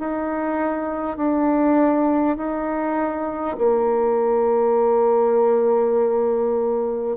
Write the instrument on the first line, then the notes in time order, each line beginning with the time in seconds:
bassoon
0.00 D#4
1.17 D4
2.37 D#4
3.58 A#3